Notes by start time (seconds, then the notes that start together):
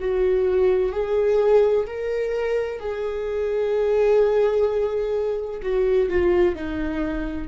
0.00 F#4
0.92 G#4
1.86 A#4
2.80 G#4
5.62 F#4
6.09 F4
6.55 D#4